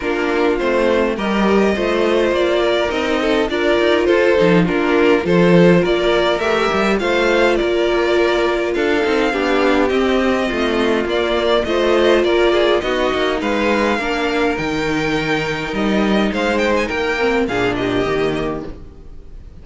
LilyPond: <<
  \new Staff \with { instrumentName = "violin" } { \time 4/4 \tempo 4 = 103 ais'4 c''4 dis''2 | d''4 dis''4 d''4 c''4 | ais'4 c''4 d''4 e''4 | f''4 d''2 f''4~ |
f''4 dis''2 d''4 | dis''4 d''4 dis''4 f''4~ | f''4 g''2 dis''4 | f''8 g''16 gis''16 g''4 f''8 dis''4. | }
  \new Staff \with { instrumentName = "violin" } { \time 4/4 f'2 ais'4 c''4~ | c''8 ais'4 a'8 ais'4 a'4 | f'4 a'4 ais'2 | c''4 ais'2 a'4 |
g'2 f'2 | c''4 ais'8 gis'8 fis'4 b'4 | ais'1 | c''4 ais'4 gis'8 g'4. | }
  \new Staff \with { instrumentName = "viola" } { \time 4/4 d'4 c'4 g'4 f'4~ | f'4 dis'4 f'4. dis'8 | d'4 f'2 g'4 | f'2.~ f'8 dis'8 |
d'4 c'2 ais4 | f'2 dis'2 | d'4 dis'2.~ | dis'4. c'8 d'4 ais4 | }
  \new Staff \with { instrumentName = "cello" } { \time 4/4 ais4 a4 g4 a4 | ais4 c'4 d'8 dis'8 f'8 f8 | ais4 f4 ais4 a8 g8 | a4 ais2 d'8 c'8 |
b4 c'4 a4 ais4 | a4 ais4 b8 ais8 gis4 | ais4 dis2 g4 | gis4 ais4 ais,4 dis4 | }
>>